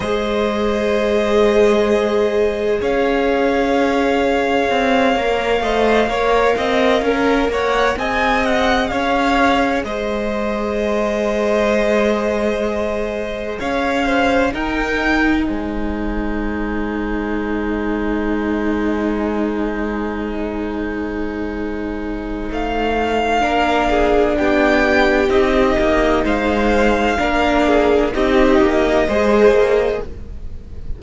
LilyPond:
<<
  \new Staff \with { instrumentName = "violin" } { \time 4/4 \tempo 4 = 64 dis''2. f''4~ | f''1 | fis''8 gis''8 fis''8 f''4 dis''4.~ | dis''2~ dis''8 f''4 g''8~ |
g''8 gis''2.~ gis''8~ | gis''1 | f''2 g''4 dis''4 | f''2 dis''2 | }
  \new Staff \with { instrumentName = "violin" } { \time 4/4 c''2. cis''4~ | cis''2 dis''8 cis''8 dis''8 ais'8 | cis''8 dis''4 cis''4 c''4.~ | c''2~ c''8 cis''8 c''8 ais'8~ |
ais'8 c''2.~ c''8~ | c''1~ | c''4 ais'8 gis'8 g'2 | c''4 ais'8 gis'8 g'4 c''4 | }
  \new Staff \with { instrumentName = "viola" } { \time 4/4 gis'1~ | gis'4. ais'8 c''8 ais'4.~ | ais'8 gis'2.~ gis'8~ | gis'2.~ gis'8 dis'8~ |
dis'1~ | dis'1~ | dis'4 d'2 dis'4~ | dis'4 d'4 dis'4 gis'4 | }
  \new Staff \with { instrumentName = "cello" } { \time 4/4 gis2. cis'4~ | cis'4 c'8 ais8 a8 ais8 c'8 cis'8 | ais8 c'4 cis'4 gis4.~ | gis2~ gis8 cis'4 dis'8~ |
dis'8 gis2.~ gis8~ | gis1 | a4 ais4 b4 c'8 ais8 | gis4 ais4 c'8 ais8 gis8 ais8 | }
>>